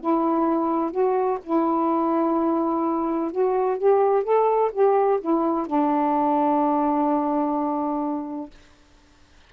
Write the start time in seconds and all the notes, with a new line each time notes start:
0.00 E4
0.91 F#4
1.43 E4
3.31 F#4
3.78 G4
4.23 A4
4.72 G4
5.21 E4
5.66 D4